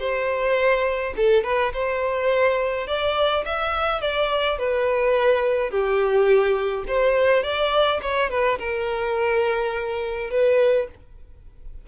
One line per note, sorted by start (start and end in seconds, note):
0.00 1.14 C5
1.17 1.44 A4
1.44 1.72 B4
1.74 2.88 C5
2.88 3.45 D5
3.45 4.02 E5
4.02 4.59 D5
4.59 5.71 B4
5.71 6.85 G4
6.88 7.44 C5
7.44 8.01 D5
8.02 8.30 C#5
8.30 8.59 B4
8.59 10.31 A#4
10.31 10.88 B4